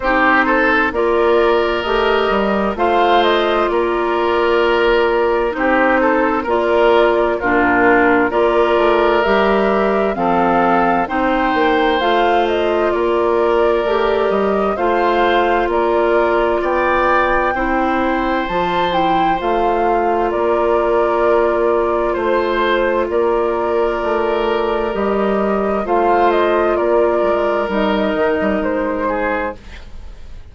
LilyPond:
<<
  \new Staff \with { instrumentName = "flute" } { \time 4/4 \tempo 4 = 65 c''4 d''4 dis''4 f''8 dis''8 | d''2 c''4 d''4 | ais'4 d''4 e''4 f''4 | g''4 f''8 dis''8 d''4. dis''8 |
f''4 d''4 g''2 | a''8 g''8 f''4 d''2 | c''4 d''2 dis''4 | f''8 dis''8 d''4 dis''4 c''4 | }
  \new Staff \with { instrumentName = "oboe" } { \time 4/4 g'8 a'8 ais'2 c''4 | ais'2 g'8 a'8 ais'4 | f'4 ais'2 a'4 | c''2 ais'2 |
c''4 ais'4 d''4 c''4~ | c''2 ais'2 | c''4 ais'2. | c''4 ais'2~ ais'8 gis'8 | }
  \new Staff \with { instrumentName = "clarinet" } { \time 4/4 dis'4 f'4 g'4 f'4~ | f'2 dis'4 f'4 | d'4 f'4 g'4 c'4 | dis'4 f'2 g'4 |
f'2. e'4 | f'8 e'8 f'2.~ | f'2. g'4 | f'2 dis'2 | }
  \new Staff \with { instrumentName = "bassoon" } { \time 4/4 c'4 ais4 a8 g8 a4 | ais2 c'4 ais4 | ais,4 ais8 a8 g4 f4 | c'8 ais8 a4 ais4 a8 g8 |
a4 ais4 b4 c'4 | f4 a4 ais2 | a4 ais4 a4 g4 | a4 ais8 gis8 g8 dis16 g16 gis4 | }
>>